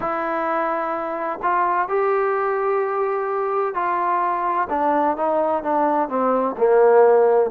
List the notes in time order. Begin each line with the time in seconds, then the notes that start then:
0.00 E4
1.42 F4
1.88 G4
3.74 F4
4.69 D4
5.16 D#4
5.63 D4
6.08 C4
6.57 A#3